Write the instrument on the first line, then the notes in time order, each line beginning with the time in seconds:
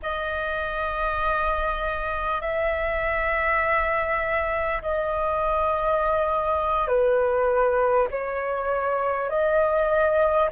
flute
0.02 D#5
2.41 E5
4.82 D#5
6.87 B4
8.10 C#5
9.29 D#5